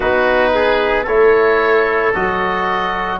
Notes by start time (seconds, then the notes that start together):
0.00 B3 D#4 F#4 B4
0.54 G#4
1.03 A3 E4 A4 C#5
2.14 F#3 F#4 D#5